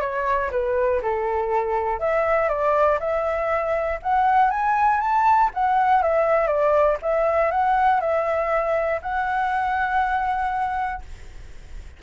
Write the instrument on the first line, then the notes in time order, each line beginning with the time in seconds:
flute
0.00 C#5
0.51 B4
1.02 A4
1.99 E5
2.49 D5
2.99 E5
4.02 F#5
4.50 G#5
5.00 A5
5.53 F#5
6.02 E5
6.47 D5
7.02 E5
7.51 F#5
8.00 E5
9.01 F#5